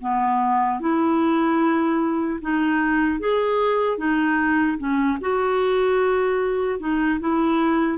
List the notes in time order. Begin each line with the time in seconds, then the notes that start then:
0.00 B3
0.80 E4
2.41 D#4
3.19 G#4
3.97 D#4
4.77 C#4
5.20 F#4
6.79 D#4
7.20 E4